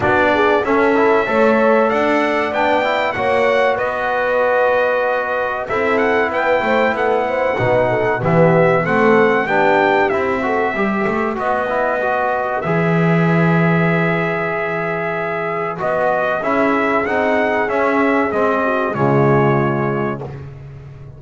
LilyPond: <<
  \new Staff \with { instrumentName = "trumpet" } { \time 4/4 \tempo 4 = 95 d''4 e''2 fis''4 | g''4 fis''4 dis''2~ | dis''4 e''8 fis''8 g''4 fis''4~ | fis''4 e''4 fis''4 g''4 |
e''2 dis''2 | e''1~ | e''4 dis''4 e''4 fis''4 | e''4 dis''4 cis''2 | }
  \new Staff \with { instrumentName = "horn" } { \time 4/4 fis'8 gis'8 a'4 cis''4 d''4~ | d''4 cis''4 b'2~ | b'4 a'4 b'8 c''8 a'8 c''8 | b'8 a'8 g'4 a'4 g'4~ |
g'8 a'8 b'2.~ | b'1~ | b'2 gis'2~ | gis'4. fis'8 f'2 | }
  \new Staff \with { instrumentName = "trombone" } { \time 4/4 d'4 cis'8 e'8 a'2 | d'8 e'8 fis'2.~ | fis'4 e'2. | dis'4 b4 c'4 d'4 |
e'8 fis'8 g'4 fis'8 e'8 fis'4 | gis'1~ | gis'4 fis'4 e'4 dis'4 | cis'4 c'4 gis2 | }
  \new Staff \with { instrumentName = "double bass" } { \time 4/4 b4 cis'4 a4 d'4 | b4 ais4 b2~ | b4 c'4 b8 a8 b4 | b,4 e4 a4 b4 |
c'4 g8 a8 b2 | e1~ | e4 b4 cis'4 c'4 | cis'4 gis4 cis2 | }
>>